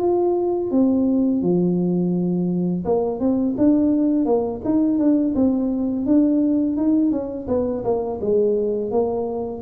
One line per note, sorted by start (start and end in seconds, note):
0.00 0.71 F4
0.71 1.42 C4
1.42 2.85 F3
2.85 3.20 A#3
3.20 3.56 C4
3.58 4.26 D4
4.26 4.62 A#3
4.65 4.99 D#4
4.99 5.35 D4
5.36 6.06 C4
6.06 6.77 D4
6.77 7.12 D#4
7.12 7.48 C#4
7.48 7.84 B3
7.85 8.20 A#3
8.22 8.92 G#3
8.92 9.63 A#3